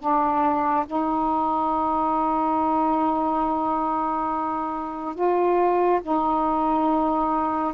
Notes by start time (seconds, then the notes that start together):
0.00 D4
0.87 D#4
5.15 F4
6.03 D#4